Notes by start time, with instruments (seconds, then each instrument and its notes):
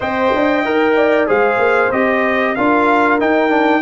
0.00 tuba C4, trombone C5, horn D#5, trumpet G5
0.35 tuba D4
0.64 tuba D#4, trombone A#4
0.95 horn D5
1.27 tuba G#3, trombone G#4, horn C5, trumpet F5
1.58 tuba A#3
1.91 tuba C4, trombone G4, trumpet D#5
2.55 tuba D4, trombone F4, horn A#4, trumpet F5
3.19 trombone D#4, tuba D#4, trumpet G5
3.49 trombone D4